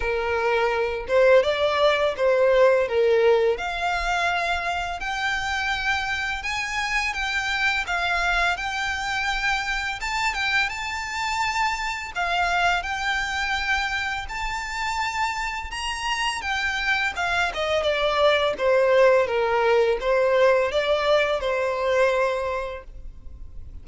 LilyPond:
\new Staff \with { instrumentName = "violin" } { \time 4/4 \tempo 4 = 84 ais'4. c''8 d''4 c''4 | ais'4 f''2 g''4~ | g''4 gis''4 g''4 f''4 | g''2 a''8 g''8 a''4~ |
a''4 f''4 g''2 | a''2 ais''4 g''4 | f''8 dis''8 d''4 c''4 ais'4 | c''4 d''4 c''2 | }